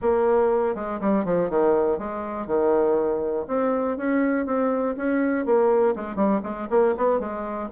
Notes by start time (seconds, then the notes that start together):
0.01 A#3
0.75 G#3
1.00 G3
1.24 F3
1.49 D#3
1.98 G#3
2.47 D#3
3.47 C4
3.97 C#4
4.46 C4
4.96 C#4
5.45 A#3
5.95 G#3
6.15 G3
6.43 G#3
6.70 A#3
6.97 B3
7.19 G#3